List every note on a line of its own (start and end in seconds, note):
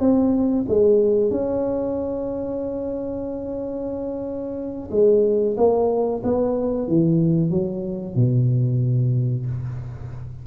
0.00 0.65 C4
0.68 1.31 G#3
1.31 4.89 C#4
4.91 5.56 G#3
5.57 6.22 A#3
6.24 6.88 B3
6.88 7.51 E3
7.51 8.16 F#3
8.16 9.46 B2